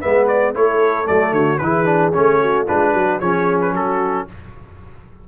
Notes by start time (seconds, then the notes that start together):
0.00 G#3 B3 B4 E5
0.28 D5
0.55 A3 E4 A4 C#5
1.05 F#3 A3 D5
1.32 D3 F#4 C#5
1.58 E3 E4 G#4 B4
1.85 D4
2.13 A3 C#4 C#5
2.42 F#4
2.65 G#3 D4 F4 B4
2.94 F#3 F#4
3.20 F3 C#4 G#4 C#5
3.61 B4
3.73 F#3 F#4 A4